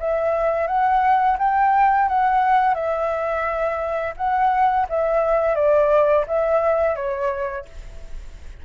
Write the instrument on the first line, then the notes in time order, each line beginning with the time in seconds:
flute
0.00 E5
0.68 F#5
1.39 G5
2.09 F#5
2.75 E5
4.17 F#5
4.90 E5
5.56 D5
6.28 E5
6.96 C#5